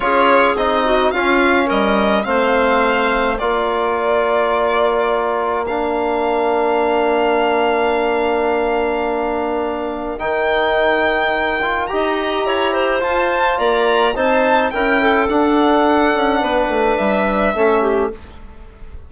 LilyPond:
<<
  \new Staff \with { instrumentName = "violin" } { \time 4/4 \tempo 4 = 106 cis''4 dis''4 f''4 dis''4 | f''2 d''2~ | d''2 f''2~ | f''1~ |
f''2 g''2~ | g''4 ais''2 a''4 | ais''4 a''4 g''4 fis''4~ | fis''2 e''2 | }
  \new Staff \with { instrumentName = "clarinet" } { \time 4/4 gis'4. fis'8 f'4 ais'4 | c''2 ais'2~ | ais'1~ | ais'1~ |
ais'1~ | ais'4 dis''4 cis''8 c''4. | d''4 c''4 ais'8 a'4.~ | a'4 b'2 a'8 g'8 | }
  \new Staff \with { instrumentName = "trombone" } { \time 4/4 f'4 dis'4 cis'2 | c'2 f'2~ | f'2 d'2~ | d'1~ |
d'2 dis'2~ | dis'8 f'8 g'2 f'4~ | f'4 dis'4 e'4 d'4~ | d'2. cis'4 | }
  \new Staff \with { instrumentName = "bassoon" } { \time 4/4 cis'4 c'4 cis'4 g4 | a2 ais2~ | ais1~ | ais1~ |
ais2 dis2~ | dis4 dis'4 e'4 f'4 | ais4 c'4 cis'4 d'4~ | d'8 cis'8 b8 a8 g4 a4 | }
>>